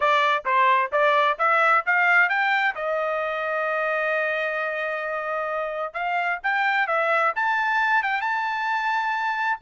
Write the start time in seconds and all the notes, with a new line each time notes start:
0.00 D5
0.45 C5
0.92 D5
1.38 E5
1.86 F5
2.29 G5
2.75 D#5
5.93 F5
6.43 G5
6.87 E5
7.35 A5
8.03 G5
8.21 A5